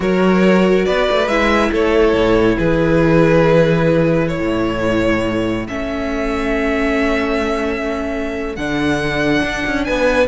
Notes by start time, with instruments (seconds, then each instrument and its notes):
0.00 cello F#3, viola F#4, violin A#4 C#5
0.85 cello B3, violin B4 D5
1.10 cello A3
1.27 cello G#3, viola E4, violin E5
1.71 cello A3, violin A4 C#5
2.13 cello A2
2.58 cello E3, violin G#4 B4
4.27 violin A4 C#5
4.39 cello A2
5.67 cello A3, viola C#4, violin E5
8.55 cello D3, viola D4, violin F#5
9.43 cello D4
9.66 cello C#4
9.84 cello B3, violin B4 G#5